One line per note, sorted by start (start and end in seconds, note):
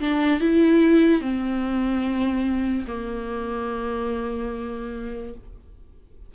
0.00 0.40 D4
0.40 1.21 E4
1.21 2.85 C4
2.87 5.34 A#3